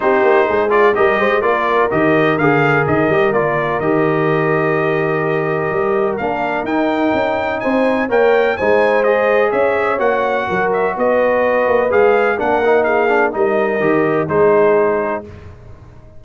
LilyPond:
<<
  \new Staff \with { instrumentName = "trumpet" } { \time 4/4 \tempo 4 = 126 c''4. d''8 dis''4 d''4 | dis''4 f''4 dis''4 d''4 | dis''1~ | dis''4 f''4 g''2 |
gis''4 g''4 gis''4 dis''4 | e''4 fis''4. e''8 dis''4~ | dis''4 f''4 fis''4 f''4 | dis''2 c''2 | }
  \new Staff \with { instrumentName = "horn" } { \time 4/4 g'4 gis'4 ais'8 c''8 ais'4~ | ais'1~ | ais'1~ | ais'1 |
c''4 cis''4 c''2 | cis''2 ais'4 b'4~ | b'2 ais'4 gis'4 | ais'2 gis'2 | }
  \new Staff \with { instrumentName = "trombone" } { \time 4/4 dis'4. f'8 g'4 f'4 | g'4 gis'4. g'8 f'4 | g'1~ | g'4 d'4 dis'2~ |
dis'4 ais'4 dis'4 gis'4~ | gis'4 fis'2.~ | fis'4 gis'4 d'8 dis'4 d'8 | dis'4 g'4 dis'2 | }
  \new Staff \with { instrumentName = "tuba" } { \time 4/4 c'8 ais8 gis4 g8 gis8 ais4 | dis4 d4 dis8 g8 ais4 | dis1 | g4 ais4 dis'4 cis'4 |
c'4 ais4 gis2 | cis'4 ais4 fis4 b4~ | b8 ais8 gis4 ais2 | g4 dis4 gis2 | }
>>